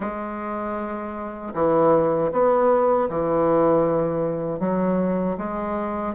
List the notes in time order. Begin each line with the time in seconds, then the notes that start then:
0.00 G#3
1.54 E3
2.31 B3
3.09 E3
4.59 F#3
5.37 G#3